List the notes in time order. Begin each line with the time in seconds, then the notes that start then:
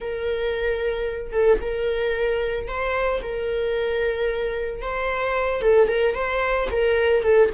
0.00 A#4
1.32 A4
1.61 A#4
2.67 C5
3.22 A#4
4.81 C5
5.61 A4
5.88 A#4
6.15 C5
6.71 A#4
7.22 A4